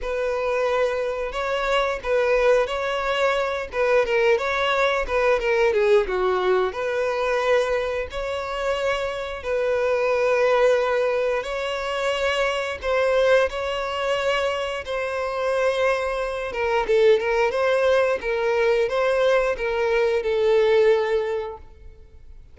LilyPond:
\new Staff \with { instrumentName = "violin" } { \time 4/4 \tempo 4 = 89 b'2 cis''4 b'4 | cis''4. b'8 ais'8 cis''4 b'8 | ais'8 gis'8 fis'4 b'2 | cis''2 b'2~ |
b'4 cis''2 c''4 | cis''2 c''2~ | c''8 ais'8 a'8 ais'8 c''4 ais'4 | c''4 ais'4 a'2 | }